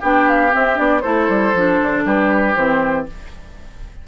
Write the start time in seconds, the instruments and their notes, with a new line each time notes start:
0.00 bassoon B3, clarinet D4, oboe G4, flute G5
0.28 flute F5
0.50 clarinet C4, bassoon C4, flute E5
0.75 bassoon B3, clarinet D4, flute D5
1.01 bassoon A3, clarinet E4, oboe A4, flute C5
1.28 bassoon G3
1.53 bassoon F3, clarinet D4
1.82 bassoon D3
2.05 bassoon G3, oboe G4, flute B4
2.54 bassoon E3, clarinet C4, flute C5